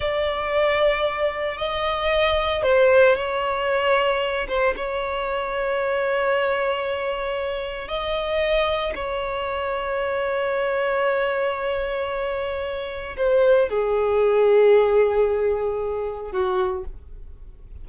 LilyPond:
\new Staff \with { instrumentName = "violin" } { \time 4/4 \tempo 4 = 114 d''2. dis''4~ | dis''4 c''4 cis''2~ | cis''8 c''8 cis''2.~ | cis''2. dis''4~ |
dis''4 cis''2.~ | cis''1~ | cis''4 c''4 gis'2~ | gis'2. fis'4 | }